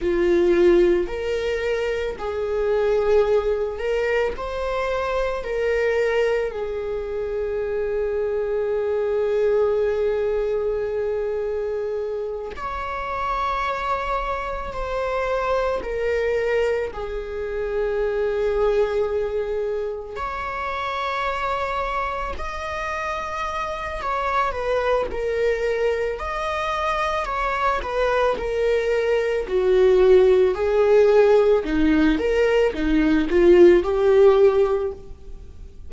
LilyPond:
\new Staff \with { instrumentName = "viola" } { \time 4/4 \tempo 4 = 55 f'4 ais'4 gis'4. ais'8 | c''4 ais'4 gis'2~ | gis'2.~ gis'8 cis''8~ | cis''4. c''4 ais'4 gis'8~ |
gis'2~ gis'8 cis''4.~ | cis''8 dis''4. cis''8 b'8 ais'4 | dis''4 cis''8 b'8 ais'4 fis'4 | gis'4 dis'8 ais'8 dis'8 f'8 g'4 | }